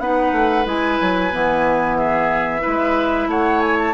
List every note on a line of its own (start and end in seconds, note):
0.00 0.32 B3
0.00 0.65 D#4
0.00 1.98 B4
0.00 0.66 F#5
0.32 0.65 A3
0.65 0.99 G#3
0.65 1.31 E4
0.65 1.98 G#5
1.01 1.33 F#3
1.31 2.65 E3
1.31 2.62 B3
1.98 2.62 G#4
1.98 3.30 E5
2.62 3.28 G#3
2.62 3.94 E4
2.62 3.28 B4
3.28 3.94 A3
3.28 3.95 C#5
3.28 3.61 F#5
3.61 3.77 G#5
3.79 3.95 A5